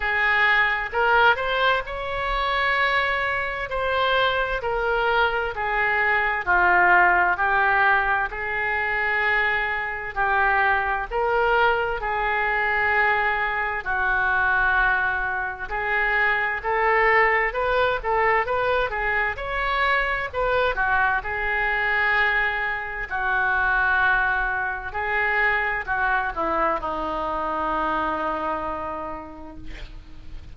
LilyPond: \new Staff \with { instrumentName = "oboe" } { \time 4/4 \tempo 4 = 65 gis'4 ais'8 c''8 cis''2 | c''4 ais'4 gis'4 f'4 | g'4 gis'2 g'4 | ais'4 gis'2 fis'4~ |
fis'4 gis'4 a'4 b'8 a'8 | b'8 gis'8 cis''4 b'8 fis'8 gis'4~ | gis'4 fis'2 gis'4 | fis'8 e'8 dis'2. | }